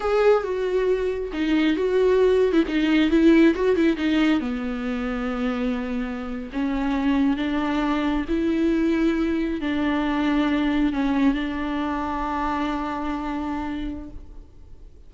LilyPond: \new Staff \with { instrumentName = "viola" } { \time 4/4 \tempo 4 = 136 gis'4 fis'2 dis'4 | fis'4.~ fis'16 e'16 dis'4 e'4 | fis'8 e'8 dis'4 b2~ | b2~ b8. cis'4~ cis'16~ |
cis'8. d'2 e'4~ e'16~ | e'4.~ e'16 d'2~ d'16~ | d'8. cis'4 d'2~ d'16~ | d'1 | }